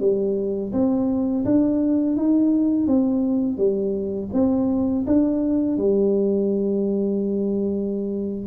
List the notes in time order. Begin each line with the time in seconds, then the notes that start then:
0.00 G3
0.72 C4
1.45 D4
2.16 D#4
2.87 C4
3.57 G3
4.33 C4
5.07 D4
5.78 G3